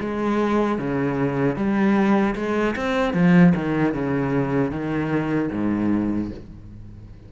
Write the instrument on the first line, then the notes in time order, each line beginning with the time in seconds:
cello
0.00 G#3
0.79 C#3
1.56 G3
2.36 G#3
2.76 C4
3.14 F3
3.55 D#3
3.94 C#3
4.71 D#3
5.52 G#2